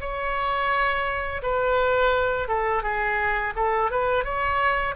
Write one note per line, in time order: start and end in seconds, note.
0.00 1.41 C#5
1.42 2.48 B4
2.48 2.83 A4
2.83 3.53 G#4
3.56 3.90 A4
3.90 4.24 B4
4.24 4.95 C#5